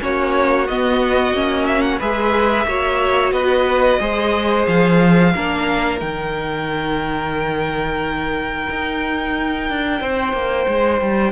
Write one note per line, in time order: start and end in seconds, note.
0.00 0.69 A#3
0.00 0.67 C#4
0.00 2.00 F#4
0.00 0.68 C#5
0.68 1.34 B3
0.68 1.35 B3
0.68 1.67 D#5
1.34 2.00 A#3
1.34 2.00 C#4
1.67 1.82 E5
1.82 1.99 F#5
2.00 2.66 G#3
2.00 2.67 G#4
2.00 2.66 B4
2.00 3.33 E5
2.66 3.32 A#3
2.66 4.01 F#4
2.66 3.34 C#5
3.32 3.99 B3
3.32 4.00 B4
3.32 4.66 D#5
4.00 4.67 G#3
4.00 5.34 G#4
4.00 5.34 C5
4.67 5.34 F3
4.67 6.00 F5
5.35 6.02 A#3
5.35 6.00 D4
5.35 10.01 A#4
6.00 8.68 D#3
6.00 11.32 D#4
6.00 11.32 G5
8.70 9.70 D#4
9.70 10.01 D4
10.01 10.33 C4
10.01 11.32 C5
10.33 10.67 A#3
10.68 11.01 G#3
11.01 11.32 G3